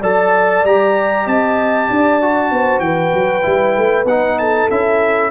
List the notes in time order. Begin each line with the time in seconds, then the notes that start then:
0.00 F#3 A4 D5 A5
0.64 G3 G4 A#5
1.25 C4 D#5 A5
1.89 D4 D5
2.21 F#4
2.51 B3 C5
2.80 E3 B4 G5
3.14 F#3
3.42 G3 E4
3.77 A3
4.05 B3 D#4 F#5
4.39 A4 A5
4.70 C#4 E4 E5